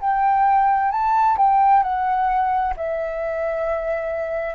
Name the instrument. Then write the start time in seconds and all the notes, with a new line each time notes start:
flute
0.00 G5
0.91 A5
1.37 G5
1.83 F#5
2.76 E5